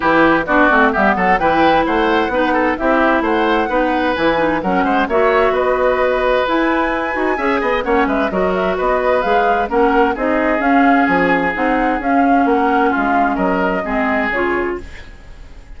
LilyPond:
<<
  \new Staff \with { instrumentName = "flute" } { \time 4/4 \tempo 4 = 130 b'4 d''4 e''8 fis''8 g''4 | fis''2 e''4 fis''4~ | fis''4 gis''4 fis''4 e''4 | dis''2 gis''2~ |
gis''4 fis''8 e''8 dis''8 e''8 dis''4 | f''4 fis''4 dis''4 f''4 | gis''4 fis''4 f''4 fis''4 | f''4 dis''2 cis''4 | }
  \new Staff \with { instrumentName = "oboe" } { \time 4/4 g'4 fis'4 g'8 a'8 b'4 | c''4 b'8 a'8 g'4 c''4 | b'2 ais'8 c''8 cis''4 | b'1 |
e''8 dis''8 cis''8 b'8 ais'4 b'4~ | b'4 ais'4 gis'2~ | gis'2. ais'4 | f'4 ais'4 gis'2 | }
  \new Staff \with { instrumentName = "clarinet" } { \time 4/4 e'4 d'8 c'8 b4 e'4~ | e'4 dis'4 e'2 | dis'4 e'8 dis'8 cis'4 fis'4~ | fis'2 e'4. fis'8 |
gis'4 cis'4 fis'2 | gis'4 cis'4 dis'4 cis'4~ | cis'4 dis'4 cis'2~ | cis'2 c'4 f'4 | }
  \new Staff \with { instrumentName = "bassoon" } { \time 4/4 e4 b8 a8 g8 fis8 e4 | a4 b4 c'4 a4 | b4 e4 fis8 gis8 ais4 | b2 e'4. dis'8 |
cis'8 b8 ais8 gis8 fis4 b4 | gis4 ais4 c'4 cis'4 | f4 c'4 cis'4 ais4 | gis4 fis4 gis4 cis4 | }
>>